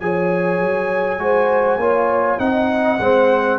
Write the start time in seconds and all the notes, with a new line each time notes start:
0.00 F3 G#4 C#5 G#5
0.60 F#3
1.19 G#3 F#4 C5
1.78 A#3 F4 C#5
2.39 C4 D#4 D#5 F#5
3.00 G#3 C4 C5